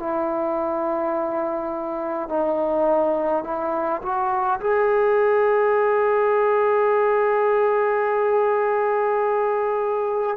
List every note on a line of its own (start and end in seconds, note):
0.00 2.29 E4
2.29 3.44 D#4
3.44 4.02 E4
4.02 4.60 F#4
4.60 10.37 G#4